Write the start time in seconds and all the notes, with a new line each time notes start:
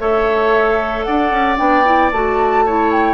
0.00 A3 A4 C#5 E5
1.04 D4 D5 F#5
1.31 C#4
1.57 B3 D4 G5
1.85 E4
2.12 A3 F#4 A5
2.66 E4 C#5
2.92 G5